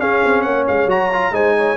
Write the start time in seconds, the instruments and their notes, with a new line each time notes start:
0.00 tuba C#4, trombone C#4, horn G#4, trumpet F5
0.25 tuba C4
0.42 tuba A#3, horn C#5, trumpet F#5
0.68 tuba G#3, trumpet F5
0.87 tuba F#3, trombone F#4, trumpet A#5
1.13 trombone F4
1.32 tuba G#3, trombone D#4, horn C5, trumpet G#5
1.58 horn C#5